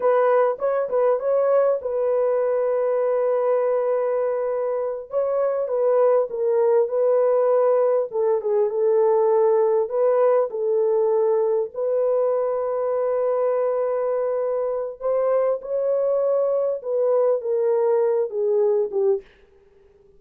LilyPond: \new Staff \with { instrumentName = "horn" } { \time 4/4 \tempo 4 = 100 b'4 cis''8 b'8 cis''4 b'4~ | b'1~ | b'8 cis''4 b'4 ais'4 b'8~ | b'4. a'8 gis'8 a'4.~ |
a'8 b'4 a'2 b'8~ | b'1~ | b'4 c''4 cis''2 | b'4 ais'4. gis'4 g'8 | }